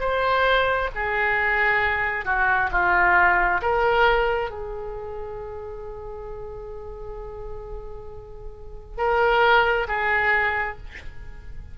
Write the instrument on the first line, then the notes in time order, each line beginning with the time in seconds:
oboe
0.00 C5
0.95 G#4
2.25 F#4
2.71 F4
3.62 A#4
4.50 G#4
8.98 A#4
9.88 G#4